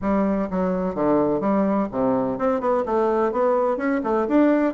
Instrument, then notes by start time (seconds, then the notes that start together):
bassoon
0.01 G3
0.50 F#3
0.94 D3
1.40 G3
1.91 C3
2.38 C4
2.60 B3
2.85 A3
3.32 B3
3.77 C#4
4.03 A3
4.28 D4